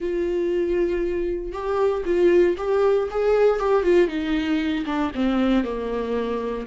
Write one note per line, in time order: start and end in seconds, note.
0.00 1.52 F4
1.52 2.03 G4
2.05 2.56 F4
2.57 3.09 G4
3.10 3.59 G#4
3.59 3.83 G4
3.83 4.07 F4
4.07 4.84 D#4
4.85 5.11 D4
5.14 5.63 C4
5.63 6.66 A#3